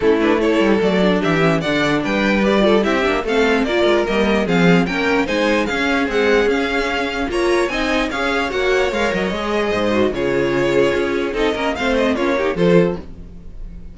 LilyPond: <<
  \new Staff \with { instrumentName = "violin" } { \time 4/4 \tempo 4 = 148 a'8 b'8 cis''4 d''4 e''4 | fis''4 g''4 d''4 e''4 | f''4 d''4 dis''4 f''4 | g''4 gis''4 f''4 fis''4 |
f''2 ais''4 gis''4 | f''4 fis''4 f''8 dis''4.~ | dis''4 cis''2. | dis''4 f''8 dis''8 cis''4 c''4 | }
  \new Staff \with { instrumentName = "violin" } { \time 4/4 e'4 a'2 g'4 | d''4 b'4. a'8 g'4 | a'4 ais'2 gis'4 | ais'4 c''4 gis'2~ |
gis'2 cis''4 dis''4 | cis''1 | c''4 gis'2. | a'8 ais'8 c''4 f'8 g'8 a'4 | }
  \new Staff \with { instrumentName = "viola" } { \time 4/4 cis'8 d'8 e'4 a8 d'4 cis'8 | d'2 g'8 f'8 e'8 d'8 | c'4 f'4 ais4 c'4 | cis'4 dis'4 cis'4 gis4 |
cis'2 f'4 dis'4 | gis'4 fis'4 ais'4 gis'4~ | gis'8 fis'8 f'2. | dis'8 cis'8 c'4 cis'8 dis'8 f'4 | }
  \new Staff \with { instrumentName = "cello" } { \time 4/4 a4. g8 fis4 e4 | d4 g2 c'8 ais8 | a4 ais8 gis8 g4 f4 | ais4 gis4 cis'4 c'4 |
cis'2 ais4 c'4 | cis'4 ais4 gis8 fis8 gis4 | gis,4 cis2 cis'4 | c'8 ais8 a4 ais4 f4 | }
>>